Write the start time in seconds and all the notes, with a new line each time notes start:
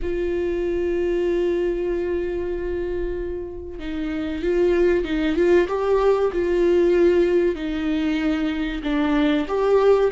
0.01 F4
3.79 D#4
4.42 F4
5.04 D#4
5.36 F4
5.68 G4
6.32 F4
7.55 D#4
8.83 D4
9.48 G4